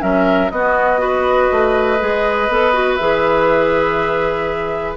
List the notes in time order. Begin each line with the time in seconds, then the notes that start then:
0.00 F#3 C#4 A#4 E5
0.50 B3 F#4 D#5
0.98 F#4 B4
1.51 A3
1.99 G#3 G#4
2.48 B3 A4
2.73 F#4
2.95 E3 G#4 E5